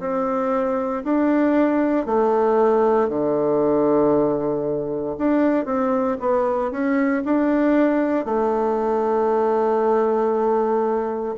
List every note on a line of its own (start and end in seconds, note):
0.00 1.03 C4
1.04 2.06 D4
2.06 3.09 A3
3.09 5.16 D3
5.19 5.66 D4
5.66 6.17 C4
6.20 6.71 B3
6.71 7.23 C#4
7.25 8.26 D4
8.26 11.36 A3